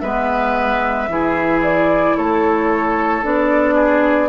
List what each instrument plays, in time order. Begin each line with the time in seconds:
0.00 bassoon G#3, clarinet B3, oboe B4, flute E5
1.08 bassoon E3, clarinet E4, oboe G#4
1.63 flute D5
2.17 bassoon A3, oboe A4, flute C#5
3.23 bassoon B3, clarinet D4, flute D5
3.75 oboe G#4